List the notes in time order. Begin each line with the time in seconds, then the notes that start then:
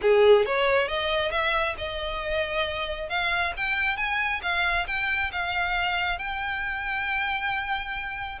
0.01 G#4
0.45 C#5
0.87 D#5
1.31 E5
1.77 D#5
3.09 F5
3.56 G5
3.96 G#5
4.42 F5
4.87 G5
5.31 F5
6.18 G5